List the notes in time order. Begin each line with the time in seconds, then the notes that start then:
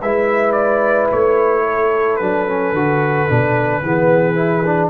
0.00 G#3 E4 B4 E5
0.52 D5
1.12 A3 C#5
1.64 A4
2.16 F#3 D4 B4
2.47 C#4
2.72 D3 F#4
3.28 B2 D4
3.82 E3 B3 G#4
4.35 E4
4.65 D4